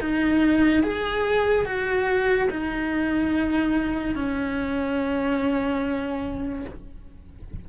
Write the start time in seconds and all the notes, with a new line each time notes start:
0.00 D#4
0.83 G#4
1.65 F#4
2.50 D#4
4.15 C#4